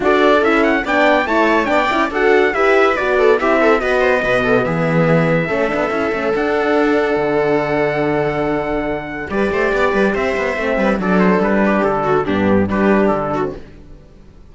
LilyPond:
<<
  \new Staff \with { instrumentName = "trumpet" } { \time 4/4 \tempo 4 = 142 d''4 e''8 fis''8 g''4 a''4 | g''4 fis''4 e''4 d''4 | e''4 dis''2 e''4~ | e''2. fis''4~ |
fis''1~ | fis''2 d''2 | e''2 d''8 c''8 b'4 | a'4 g'4 b'4 a'4 | }
  \new Staff \with { instrumentName = "viola" } { \time 4/4 a'2 d''4 cis''4 | d''4 a'4 b'4. a'8 | g'8 a'8 b'8 c''8 b'8 a'8 gis'4~ | gis'4 a'2.~ |
a'1~ | a'2 b'8 c''8 d''8 b'8 | c''4. b'8 a'4. g'8~ | g'8 fis'8 d'4 g'4. fis'8 | }
  \new Staff \with { instrumentName = "horn" } { \time 4/4 fis'4 e'4 d'4 e'4 | d'8 e'8 fis'4 g'4 fis'4 | e'4 fis'4 b2~ | b4 cis'8 d'8 e'8 cis'8 d'4~ |
d'1~ | d'2 g'2~ | g'4 c'4 d'2~ | d'4 b4 d'4.~ d'16 c'16 | }
  \new Staff \with { instrumentName = "cello" } { \time 4/4 d'4 cis'4 b4 a4 | b8 cis'8 d'4 e'4 b4 | c'4 b4 b,4 e4~ | e4 a8 b8 cis'8 a8 d'4~ |
d'4 d2.~ | d2 g8 a8 b8 g8 | c'8 b8 a8 g8 fis4 g4 | d4 g,4 g4 d4 | }
>>